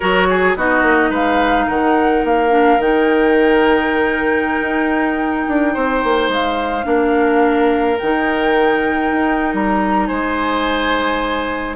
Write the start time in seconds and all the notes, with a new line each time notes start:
0.00 F#3 F#4 A#4 C#5
0.29 G#4
0.55 B3 D#4 F#4 D#5
0.82 A#3
1.09 G#3 B4 F5
1.67 D#3 A#4 F#5
2.24 A#3 F5
2.50 D4
2.78 D#3 D#4 G5
4.61 D#4
5.48 D4
5.73 C4 C5
6.03 A#3
6.28 G#3 F5
6.83 A#3 D4 A#4
7.98 D#3 D#4 G5
9.11 D#4
9.53 G3 A#5
10.07 G#3 C5 G#5